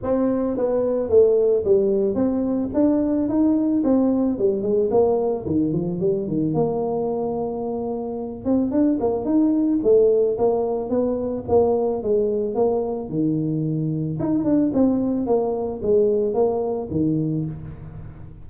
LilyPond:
\new Staff \with { instrumentName = "tuba" } { \time 4/4 \tempo 4 = 110 c'4 b4 a4 g4 | c'4 d'4 dis'4 c'4 | g8 gis8 ais4 dis8 f8 g8 dis8 | ais2.~ ais8 c'8 |
d'8 ais8 dis'4 a4 ais4 | b4 ais4 gis4 ais4 | dis2 dis'8 d'8 c'4 | ais4 gis4 ais4 dis4 | }